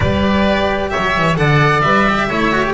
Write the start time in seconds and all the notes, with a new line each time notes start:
0.00 G3 G4 B4 D5
0.90 C#5 E5
0.96 F#3
1.17 E3
1.36 D3 A4 D5 F#5
1.81 G3 B4 E5
2.09 G4
2.28 A3 E4 C#5
2.51 F#4
2.63 G4